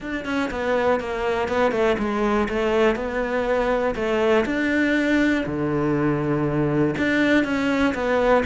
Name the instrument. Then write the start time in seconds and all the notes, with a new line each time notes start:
cello
0.00 D4
0.25 C#4
0.50 B3
1.00 A#3
1.48 B3
1.71 A3
1.98 G#3
2.48 A3
2.95 B3
3.95 A3
4.45 D4
5.46 D3
6.98 D4
7.44 C#4
7.94 B3